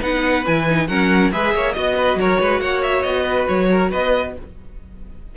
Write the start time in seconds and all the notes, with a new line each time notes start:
0.00 B3 D#4 B4 F#5
0.46 E3 E4 G#5
0.69 D#4
0.87 F#3 C#4 A#4 F#5
1.32 G#3 G#4 B4 E5
1.54 A#3 C#5
1.73 B3 F#4 D#5
1.97 B4
2.15 F#3 A#4 C#5
2.40 G#3 B4
2.60 A#3 C#5 F#5
2.82 E5
3.03 B3 D#5
3.23 B4
3.48 F#3 C#5
3.71 A#4
3.91 B3 B4 D#5